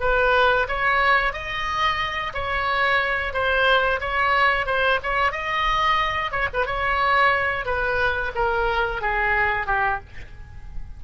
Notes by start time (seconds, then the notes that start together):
0.00 B4
0.68 C#5
1.33 D#5
2.34 C#5
3.33 C5
4.01 C#5
4.66 C5
5.03 C#5
5.32 D#5
6.31 C#5
6.53 B4
6.66 C#5
7.65 B4
8.35 A#4
9.01 G#4
9.66 G4